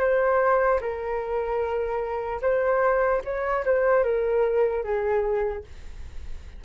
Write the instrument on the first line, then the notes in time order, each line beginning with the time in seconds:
flute
0.00 C5
0.81 A#4
2.41 C5
3.24 C#5
3.65 C5
4.04 A#4
4.84 G#4